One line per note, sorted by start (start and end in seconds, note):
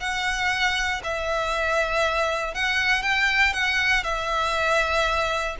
0.00 1.02 F#5
1.04 2.54 E5
2.54 3.02 F#5
3.02 3.53 G5
3.53 4.03 F#5
4.03 5.56 E5